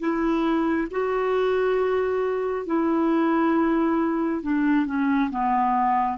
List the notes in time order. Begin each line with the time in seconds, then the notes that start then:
0.00 E4
0.91 F#4
2.66 E4
4.43 D4
4.86 C#4
5.31 B3